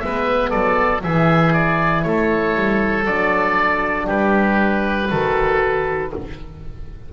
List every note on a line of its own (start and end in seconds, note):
0.00 0.54 G#3
0.00 1.02 B3
0.00 0.50 B4
0.00 0.50 E5
0.50 1.04 F#3
0.50 1.01 A4
0.50 1.01 D5
1.02 2.05 E3
1.02 3.06 E4
1.02 2.06 G#4
1.02 1.53 E5
1.53 2.03 D5
2.03 2.56 A3
2.03 4.06 A4
2.03 3.04 C#5
2.56 3.06 G3
3.06 4.08 F#3
3.06 5.11 D4
3.06 4.07 D5
4.06 5.10 G3
4.06 5.08 G4
4.06 6.12 B4
5.10 6.13 D#3
5.10 6.12 F#4
5.10 6.12 A4